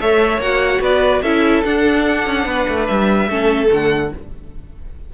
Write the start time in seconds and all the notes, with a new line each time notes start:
0.00 A3 A4 C#5 E5
0.37 A#3 F#4 F#5
0.80 B3 B4 D5
1.22 C#4 E4 A4 E5
1.64 D4 F#5
2.26 C#4
2.45 B3 B4
2.68 A3
2.86 G3 E5
3.28 A3 C#4 A4
3.67 D3 A3
3.73 F#5